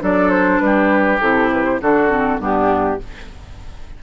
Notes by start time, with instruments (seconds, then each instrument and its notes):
0.00 bassoon F#3, clarinet D4, oboe A4, flute D5
0.29 flute C5
0.59 bassoon G3, flute B4
0.66 oboe G4
1.20 bassoon C3, clarinet E4, flute A4
1.52 flute B4
1.65 flute C5
1.80 bassoon D3, clarinet D4, oboe F#4, flute A4
2.10 clarinet C4
2.39 bassoon G2, clarinet B3, oboe D4, flute G4